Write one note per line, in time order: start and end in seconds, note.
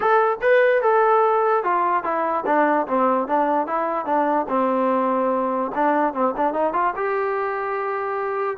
0.00 0.37 A4
0.41 0.82 B4
0.82 1.63 A4
1.63 2.03 F4
2.03 2.44 E4
2.46 2.87 D4
2.87 3.27 C4
3.27 3.66 D4
3.66 4.05 E4
4.05 4.46 D4
4.49 5.71 C4
5.74 6.13 D4
6.13 6.34 C4
6.36 6.53 D4
6.53 6.73 D#4
6.73 6.93 F4
6.96 8.57 G4